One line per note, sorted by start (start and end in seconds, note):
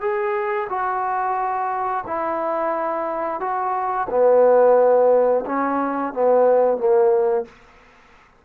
0.00 0.67 G#4
0.69 2.04 F#4
2.07 3.40 E4
3.40 4.07 F#4
4.09 5.44 B3
5.45 6.13 C#4
6.13 6.77 B3
6.77 7.45 A#3